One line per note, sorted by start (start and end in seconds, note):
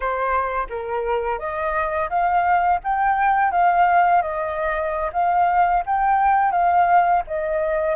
0.00 0.67 C5
0.69 1.38 A#4
1.38 2.09 D#5
2.09 2.80 F5
2.83 3.51 G5
3.51 4.22 F5
4.22 5.10 D#5
5.12 5.83 F5
5.86 6.51 G5
6.51 7.22 F5
7.27 7.95 D#5